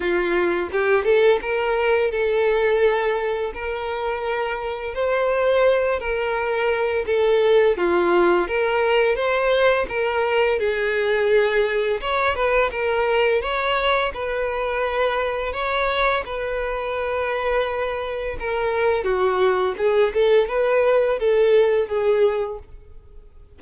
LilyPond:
\new Staff \with { instrumentName = "violin" } { \time 4/4 \tempo 4 = 85 f'4 g'8 a'8 ais'4 a'4~ | a'4 ais'2 c''4~ | c''8 ais'4. a'4 f'4 | ais'4 c''4 ais'4 gis'4~ |
gis'4 cis''8 b'8 ais'4 cis''4 | b'2 cis''4 b'4~ | b'2 ais'4 fis'4 | gis'8 a'8 b'4 a'4 gis'4 | }